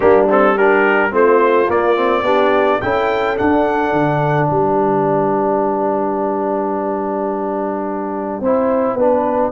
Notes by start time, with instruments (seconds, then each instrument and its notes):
0.00 tuba G3, trombone A#3, horn D4, trumpet G4
0.29 trombone C4, trumpet A4
0.55 trombone D4, horn G4, trumpet A#4
1.11 tuba A3, trombone C4, horn F4, trumpet C5
1.68 trombone A#3, tuba A#3, trumpet D5
1.96 trombone C4
2.22 tuba B3, trombone D4, horn G4
2.81 tuba C#4, trombone E4, horn A4, trumpet G5
3.37 trombone D4, tuba D4, trumpet F#5
3.92 tuba D3
4.47 tuba G3, horn B4, trumpet G5
8.40 tuba C4, trombone E4, horn C5
8.94 tuba B3, trombone D4, horn B4